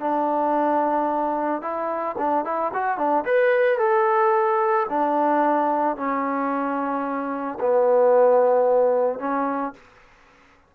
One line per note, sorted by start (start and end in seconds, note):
0.00 1.62 D4
1.62 2.16 E4
2.18 2.45 D4
2.45 2.72 E4
2.74 2.98 F#4
2.98 3.25 D4
3.25 3.79 B4
3.79 4.87 A4
4.90 5.97 D4
5.97 7.59 C#4
7.60 9.19 B3
9.19 9.73 C#4